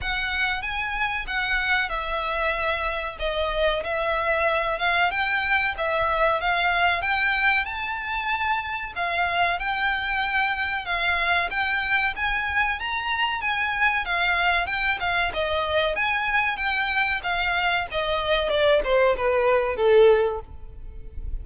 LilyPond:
\new Staff \with { instrumentName = "violin" } { \time 4/4 \tempo 4 = 94 fis''4 gis''4 fis''4 e''4~ | e''4 dis''4 e''4. f''8 | g''4 e''4 f''4 g''4 | a''2 f''4 g''4~ |
g''4 f''4 g''4 gis''4 | ais''4 gis''4 f''4 g''8 f''8 | dis''4 gis''4 g''4 f''4 | dis''4 d''8 c''8 b'4 a'4 | }